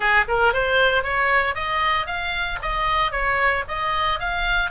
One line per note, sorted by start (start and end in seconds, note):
0.00 0.24 G#4
0.28 0.53 A#4
0.53 1.03 C5
1.03 1.54 C#5
1.54 2.06 D#5
2.06 2.58 F5
2.62 3.11 D#5
3.11 3.64 C#5
3.68 4.19 D#5
4.19 4.70 F5